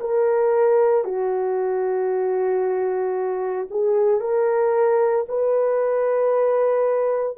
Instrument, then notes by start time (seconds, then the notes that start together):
horn
0.00 A#4
1.04 F#4
3.70 G#4
4.20 A#4
5.28 B4